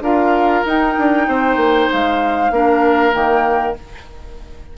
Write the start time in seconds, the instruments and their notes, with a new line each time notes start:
0.00 bassoon D4, clarinet F4, oboe A#4, flute F5
0.65 bassoon D#4, clarinet D#4, flute G5
0.98 bassoon D4
1.28 bassoon C4, oboe C5
1.56 bassoon A#3
1.91 bassoon G#3, flute F5
2.51 bassoon A#3, clarinet D4, oboe A#4
3.12 bassoon D#3, clarinet A#3, flute G5